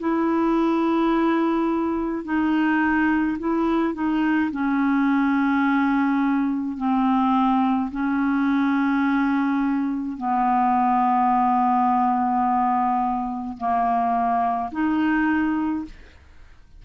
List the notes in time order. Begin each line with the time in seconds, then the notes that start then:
0.00 E4
2.25 D#4
3.39 E4
3.95 D#4
4.52 C#4
6.78 C4
7.91 C#4
10.17 B3
13.57 A#3
14.72 D#4